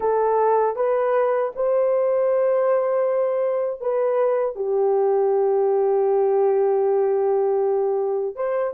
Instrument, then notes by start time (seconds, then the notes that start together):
horn
0.00 A4
0.76 B4
1.55 C5
3.80 B4
4.55 G4
8.35 C5